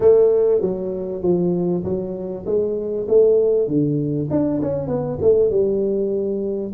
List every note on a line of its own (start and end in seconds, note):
0.00 0.61 A3
0.61 1.22 F#3
1.22 1.83 F3
1.83 2.45 F#3
2.45 3.07 G#3
3.08 3.67 A3
3.67 4.29 D3
4.30 4.61 D4
4.61 4.87 C#4
4.87 5.18 B3
5.21 5.50 A3
5.50 6.73 G3